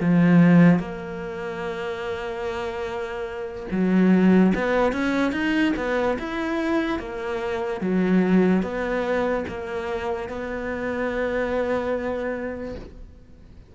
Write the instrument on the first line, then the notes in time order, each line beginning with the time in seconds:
cello
0.00 F3
0.79 A#3
3.71 F#3
4.55 B3
4.92 C#4
5.32 D#4
5.76 B3
6.19 E4
6.99 A#3
7.80 F#3
8.62 B3
9.48 A#3
10.29 B3